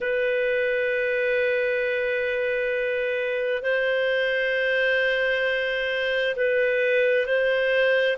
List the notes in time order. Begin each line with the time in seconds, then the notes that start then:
0.00 B4
3.62 C5
6.36 B4
7.26 C5